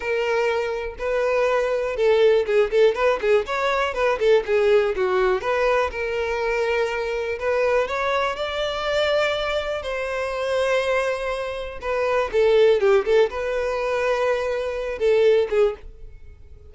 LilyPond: \new Staff \with { instrumentName = "violin" } { \time 4/4 \tempo 4 = 122 ais'2 b'2 | a'4 gis'8 a'8 b'8 gis'8 cis''4 | b'8 a'8 gis'4 fis'4 b'4 | ais'2. b'4 |
cis''4 d''2. | c''1 | b'4 a'4 g'8 a'8 b'4~ | b'2~ b'8 a'4 gis'8 | }